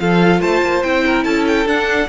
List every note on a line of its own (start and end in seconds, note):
0.00 0.41 F3
0.00 0.84 F4
0.00 0.41 A4
0.00 0.42 F5
0.41 0.62 A3
0.41 1.04 C5
0.41 0.83 A5
0.63 0.84 A#3
0.83 1.26 C4
0.83 1.67 E4
0.83 1.24 G5
1.06 1.24 A#4
1.24 1.66 C#4
1.24 2.08 A4
1.24 1.45 A5
1.48 1.68 G5
1.66 2.08 D4
1.66 2.09 F#5